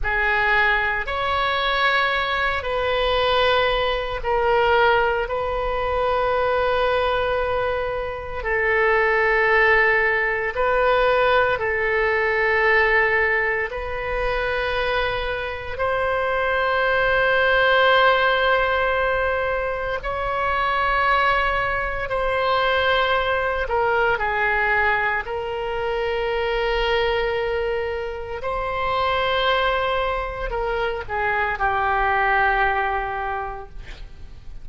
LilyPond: \new Staff \with { instrumentName = "oboe" } { \time 4/4 \tempo 4 = 57 gis'4 cis''4. b'4. | ais'4 b'2. | a'2 b'4 a'4~ | a'4 b'2 c''4~ |
c''2. cis''4~ | cis''4 c''4. ais'8 gis'4 | ais'2. c''4~ | c''4 ais'8 gis'8 g'2 | }